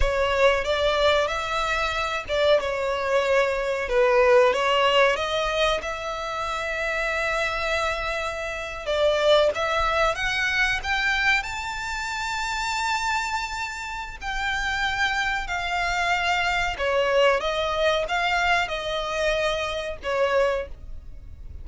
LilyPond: \new Staff \with { instrumentName = "violin" } { \time 4/4 \tempo 4 = 93 cis''4 d''4 e''4. d''8 | cis''2 b'4 cis''4 | dis''4 e''2.~ | e''4.~ e''16 d''4 e''4 fis''16~ |
fis''8. g''4 a''2~ a''16~ | a''2 g''2 | f''2 cis''4 dis''4 | f''4 dis''2 cis''4 | }